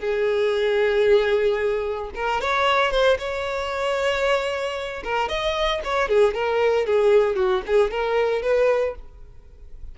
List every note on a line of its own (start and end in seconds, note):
0.00 2.11 G#4
2.16 2.41 A#4
2.41 2.91 C#5
2.91 3.18 C5
3.19 5.03 C#5
5.04 5.29 A#4
5.29 5.82 D#5
5.84 6.09 C#5
6.09 6.35 G#4
6.35 6.87 A#4
6.87 7.36 G#4
7.36 7.63 F#4
7.67 7.92 G#4
7.92 8.43 A#4
8.43 8.95 B4